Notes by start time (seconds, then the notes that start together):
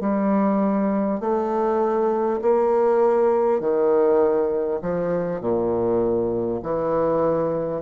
0.00 G3
1.20 A3
2.42 A#3
3.60 D#3
4.81 F3
5.41 A#2
6.62 E3